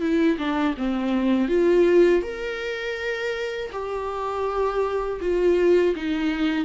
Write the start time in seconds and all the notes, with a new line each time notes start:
0.00 E4
0.38 D4
0.77 C4
1.48 F4
2.23 A#4
3.72 G4
5.21 F4
5.95 D#4